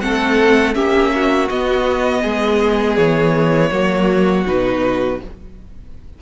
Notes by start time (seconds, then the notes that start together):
0.00 A3 C4 A4 F#5
0.73 A#3 C#4 G4 E5
1.15 F#4
1.49 B3 D#5
2.21 G#3 G#4
2.96 E3 C#5
3.71 F#3 A#3 F#4
4.46 B2 D#4 B4